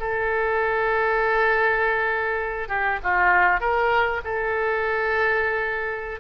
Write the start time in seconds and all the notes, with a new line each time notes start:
0.00 A4
2.68 G4
3.03 F4
3.60 A#4
4.25 A4